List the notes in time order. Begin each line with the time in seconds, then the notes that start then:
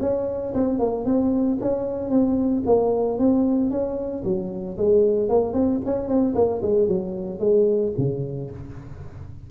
0.00 C#4
0.54 C4
0.79 A#3
1.05 C4
1.60 C#4
2.09 C4
2.65 A#3
3.18 C4
3.70 C#4
4.23 F#3
4.77 G#3
5.29 A#3
5.53 C4
5.85 C#4
6.08 C4
6.35 A#3
6.62 G#3
6.87 F#3
7.39 G#3
7.97 C#3